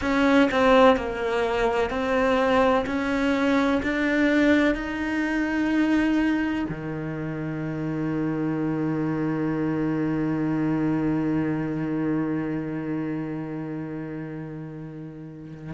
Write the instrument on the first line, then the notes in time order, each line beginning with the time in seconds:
cello
0.01 C#4
0.51 C4
0.96 A#3
1.90 C4
2.86 C#4
3.83 D4
4.74 D#4
6.69 D#3